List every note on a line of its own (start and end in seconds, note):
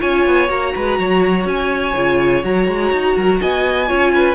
0.00 0.26 C#4
0.00 0.48 F4
0.00 0.73 C#5
0.00 0.50 G#5
0.26 0.49 B3
0.48 0.73 A#3
0.48 1.93 F#4
0.48 1.47 A#5
0.76 0.99 G#3
0.76 0.99 B4
0.99 1.45 F#3
0.99 3.15 C#5
1.45 1.93 C#4
1.45 2.44 G#5
1.96 2.44 C#3
1.96 2.43 F4
2.43 2.67 F#3
2.43 3.87 F#4
2.43 3.41 A#5
2.67 2.92 G#3
2.92 3.16 D#4
3.15 3.41 F#3
3.15 3.40 A#4
3.41 3.91 B3
3.41 3.88 D#5
3.41 4.35 G#5
3.87 4.35 C#4
3.87 4.35 F4
3.87 4.12 C#5
4.15 4.35 B4